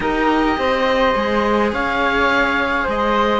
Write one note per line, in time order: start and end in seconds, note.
0.00 0.56 D#4
0.00 1.12 G4
0.00 0.58 A#4
0.00 1.70 D#5
0.57 1.14 C4
0.57 1.73 C5
1.12 1.72 G#3
1.12 3.39 G#4
1.72 2.86 C#4
1.72 2.83 C#5
1.72 2.88 F5
2.83 3.39 G#3
2.83 3.39 C5
2.83 3.39 D#5